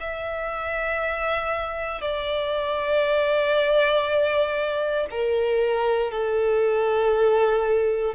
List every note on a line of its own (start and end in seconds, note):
0.00 2.02 E5
2.02 5.07 D5
5.11 6.12 A#4
6.12 8.15 A4